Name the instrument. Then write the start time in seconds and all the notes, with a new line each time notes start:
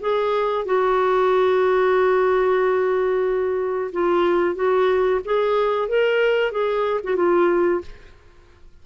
clarinet
0.00 G#4
0.65 F#4
3.92 F4
4.55 F#4
5.24 G#4
5.88 A#4
6.51 G#4
7.03 F#4
7.16 F4